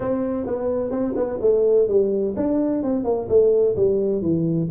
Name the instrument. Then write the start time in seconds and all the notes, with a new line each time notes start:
tuba
0.00 C4
0.46 B3
0.90 C4
1.15 B3
1.41 A3
1.87 G3
2.36 D4
2.83 C4
3.04 A#3
3.29 A3
3.76 G3
4.21 E3